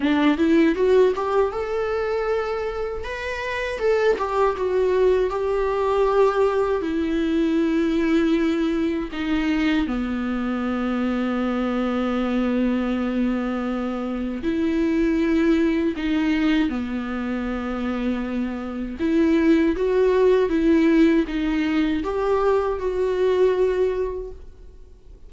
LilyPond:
\new Staff \with { instrumentName = "viola" } { \time 4/4 \tempo 4 = 79 d'8 e'8 fis'8 g'8 a'2 | b'4 a'8 g'8 fis'4 g'4~ | g'4 e'2. | dis'4 b2.~ |
b2. e'4~ | e'4 dis'4 b2~ | b4 e'4 fis'4 e'4 | dis'4 g'4 fis'2 | }